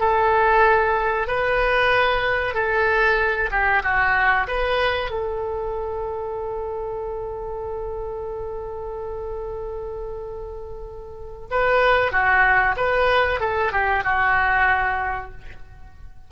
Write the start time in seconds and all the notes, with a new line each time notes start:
0.00 A4
1.28 B4
2.54 A4
3.51 G4
3.83 F#4
4.47 B4
5.10 A4
11.50 B4
12.12 F#4
12.77 B4
13.40 A4
13.72 G4
14.04 F#4